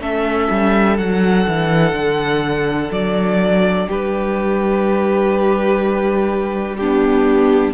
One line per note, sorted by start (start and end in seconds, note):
0.00 0.48 A3
0.00 0.96 C#4
0.00 3.87 A4
0.00 0.98 E5
0.51 0.99 G3
0.96 1.47 F#3
0.96 6.76 D4
0.96 2.91 F#5
1.48 1.93 E3
1.93 2.90 D3
2.91 3.87 F#3
2.91 3.89 D5
3.87 7.74 G3
3.87 6.78 G4
3.87 6.76 B4
6.76 7.74 B3
6.76 7.74 D4
6.76 7.73 G4